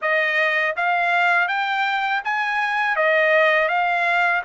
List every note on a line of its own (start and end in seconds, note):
0.01 0.75 D#5
0.76 1.48 F5
1.48 2.22 G5
2.24 2.96 G#5
2.96 3.68 D#5
3.68 4.42 F5